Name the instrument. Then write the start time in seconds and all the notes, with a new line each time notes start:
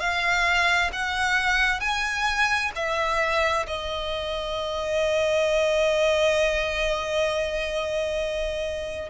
violin
0.00 F5
0.93 F#5
1.81 G#5
2.75 E5
3.67 D#5